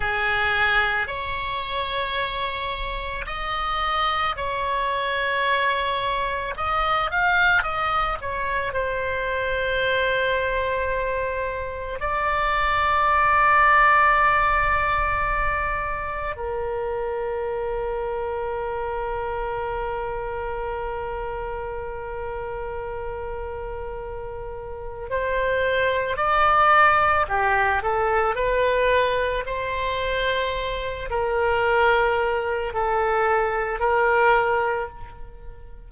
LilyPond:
\new Staff \with { instrumentName = "oboe" } { \time 4/4 \tempo 4 = 55 gis'4 cis''2 dis''4 | cis''2 dis''8 f''8 dis''8 cis''8 | c''2. d''4~ | d''2. ais'4~ |
ais'1~ | ais'2. c''4 | d''4 g'8 a'8 b'4 c''4~ | c''8 ais'4. a'4 ais'4 | }